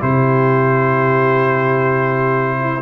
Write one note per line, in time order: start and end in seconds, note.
0.00 2.82 C3
0.00 2.81 E4
0.00 2.60 G4
0.00 2.82 C5
2.60 2.82 E4